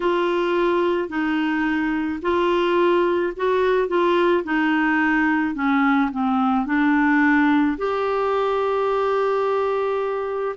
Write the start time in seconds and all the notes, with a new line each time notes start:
0.00 F4
1.08 D#4
2.22 F4
3.36 F#4
3.88 F4
4.43 D#4
5.55 C#4
6.11 C4
6.66 D4
7.77 G4